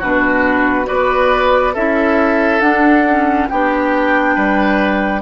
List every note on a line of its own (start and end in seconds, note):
0.00 0.89 B2
0.00 0.86 D4
0.00 0.87 F#4
0.00 0.88 B4
0.86 1.76 B3
0.86 1.73 F#4
0.86 1.74 B4
0.86 1.75 D5
1.74 2.61 C#4
1.74 2.62 E4
1.74 3.48 A4
1.74 2.61 E5
2.61 3.48 D4
2.61 3.05 D4
2.61 3.48 F#5
3.09 3.51 C#4
3.49 4.37 B3
3.49 5.22 D4
3.49 4.35 G4
3.49 5.22 G5
4.35 5.22 G3
4.35 5.22 B4